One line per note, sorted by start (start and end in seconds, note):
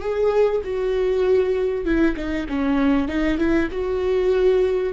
0.00 0.61 G#4
0.63 1.85 F#4
1.85 2.15 E4
2.16 2.47 D#4
2.49 3.08 C#4
3.08 3.38 D#4
3.38 3.68 E4
3.71 4.93 F#4